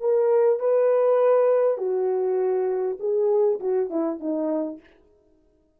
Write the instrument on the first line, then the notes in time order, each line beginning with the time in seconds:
horn
0.00 A#4
0.59 B4
1.77 F#4
2.99 G#4
3.59 F#4
3.90 E4
4.19 D#4